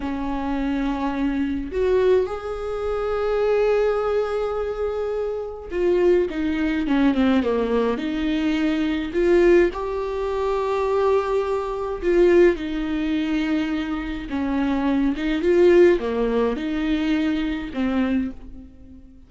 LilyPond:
\new Staff \with { instrumentName = "viola" } { \time 4/4 \tempo 4 = 105 cis'2. fis'4 | gis'1~ | gis'2 f'4 dis'4 | cis'8 c'8 ais4 dis'2 |
f'4 g'2.~ | g'4 f'4 dis'2~ | dis'4 cis'4. dis'8 f'4 | ais4 dis'2 c'4 | }